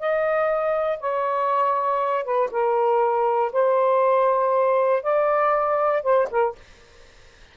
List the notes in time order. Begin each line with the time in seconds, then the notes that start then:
0.00 D#5
1.00 C#5
2.25 B4
2.51 A#4
3.53 C5
5.03 D5
6.03 C5
6.31 A#4